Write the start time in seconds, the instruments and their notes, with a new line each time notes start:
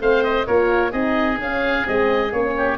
0.00 tuba A3, horn C4, oboe C5 F5
0.24 oboe D#5
0.47 tuba A#3, horn F4, oboe A#4 C#5
0.91 tuba C4, horn D#4, oboe G#4 D#5
1.39 tuba C#4, horn C#4, oboe F5
1.84 tuba G#3, horn C4, oboe D#5
2.32 tuba A#3, horn C#4, oboe C#5
2.57 oboe G4